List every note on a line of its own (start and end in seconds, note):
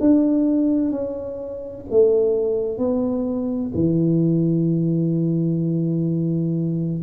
0.00 0.92 D4
0.92 1.85 C#4
1.90 2.78 A3
2.78 3.72 B3
3.75 7.03 E3